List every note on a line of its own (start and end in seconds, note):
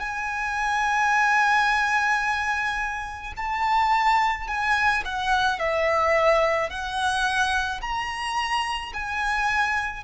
0.00 3.33 G#5
3.37 4.48 A5
4.48 5.04 G#5
5.05 5.59 F#5
5.59 6.70 E5
6.70 7.81 F#5
7.81 8.92 A#5
8.93 10.04 G#5